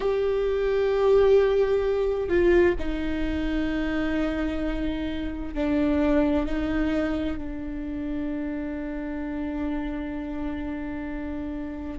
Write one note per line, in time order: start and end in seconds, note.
0.00 2.28 G4
2.28 2.74 F4
2.79 5.54 D#4
5.54 6.46 D4
6.46 7.37 D#4
7.37 11.99 D4